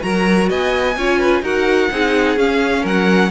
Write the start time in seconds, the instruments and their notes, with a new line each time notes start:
0.00 cello F#3, viola F#4, violin A#4 A#5
0.50 cello B3, violin D#5 G#5
0.96 cello C#4, viola F4, violin C#5
1.19 violin B4
1.42 cello D#4, viola F#4, violin A#4 F#5
1.91 cello C4, viola D#4, violin G#4
2.37 cello C#4, viola C#4, violin F5
2.82 cello F#3, violin A#4 F#5